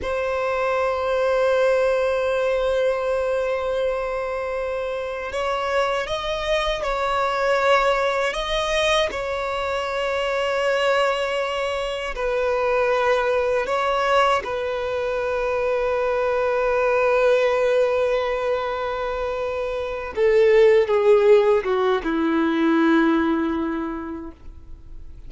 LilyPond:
\new Staff \with { instrumentName = "violin" } { \time 4/4 \tempo 4 = 79 c''1~ | c''2. cis''4 | dis''4 cis''2 dis''4 | cis''1 |
b'2 cis''4 b'4~ | b'1~ | b'2~ b'8 a'4 gis'8~ | gis'8 fis'8 e'2. | }